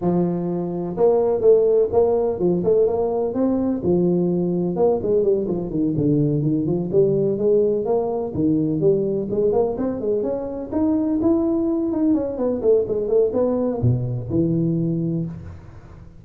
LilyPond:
\new Staff \with { instrumentName = "tuba" } { \time 4/4 \tempo 4 = 126 f2 ais4 a4 | ais4 f8 a8 ais4 c'4 | f2 ais8 gis8 g8 f8 | dis8 d4 dis8 f8 g4 gis8~ |
gis8 ais4 dis4 g4 gis8 | ais8 c'8 gis8 cis'4 dis'4 e'8~ | e'4 dis'8 cis'8 b8 a8 gis8 a8 | b4 b,4 e2 | }